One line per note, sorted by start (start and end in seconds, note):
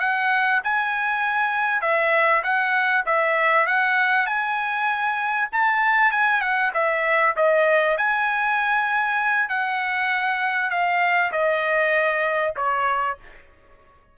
0.00 0.61 F#5
0.64 1.81 G#5
1.81 2.43 E5
2.44 3.05 F#5
3.06 3.67 E5
3.67 4.27 F#5
4.27 5.49 G#5
5.52 6.12 A5
6.12 6.41 G#5
6.41 6.72 F#5
6.74 7.36 E5
7.37 7.98 D#5
7.98 9.50 G#5
9.50 10.70 F#5
10.70 11.32 F5
11.32 12.54 D#5
12.57 13.18 C#5